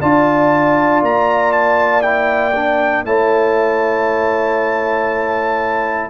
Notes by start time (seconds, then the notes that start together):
0.00 D4 F4 D5 A5
1.03 A#3 A#5
1.53 A5
2.02 E4 G5
2.55 D4
3.05 A3 E4 C#5 A5